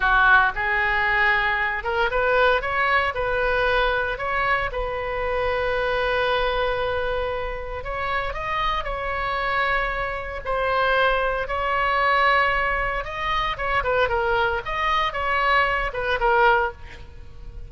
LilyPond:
\new Staff \with { instrumentName = "oboe" } { \time 4/4 \tempo 4 = 115 fis'4 gis'2~ gis'8 ais'8 | b'4 cis''4 b'2 | cis''4 b'2.~ | b'2. cis''4 |
dis''4 cis''2. | c''2 cis''2~ | cis''4 dis''4 cis''8 b'8 ais'4 | dis''4 cis''4. b'8 ais'4 | }